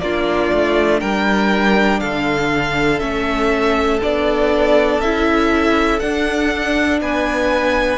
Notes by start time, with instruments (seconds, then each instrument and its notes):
0.00 cello A#3, viola D4, violin F4 D5
0.53 cello A3
1.00 cello G3, violin A#4 G5
2.00 cello D3, violin A4 F5
2.99 cello A3, viola C#4, violin E5
4.03 cello B3, viola D4, violin D5
4.99 cello C#4, viola E4, violin E5
5.99 viola D4, cello D4, violin F#5
7.01 cello B3, violin B4 G#5